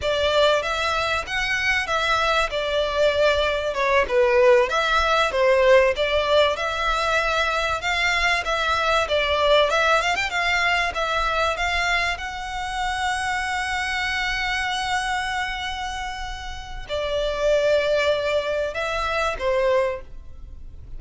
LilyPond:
\new Staff \with { instrumentName = "violin" } { \time 4/4 \tempo 4 = 96 d''4 e''4 fis''4 e''4 | d''2 cis''8 b'4 e''8~ | e''8 c''4 d''4 e''4.~ | e''8 f''4 e''4 d''4 e''8 |
f''16 g''16 f''4 e''4 f''4 fis''8~ | fis''1~ | fis''2. d''4~ | d''2 e''4 c''4 | }